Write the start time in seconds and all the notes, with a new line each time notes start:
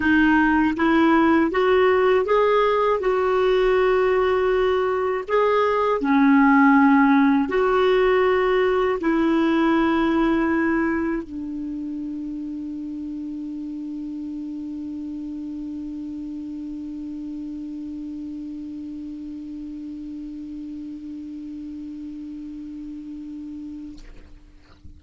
0.00 D#4
0.76 E4
1.51 F#4
2.25 G#4
3.00 F#4
5.28 G#4
6.00 C#4
7.49 F#4
9.00 E4
11.23 D4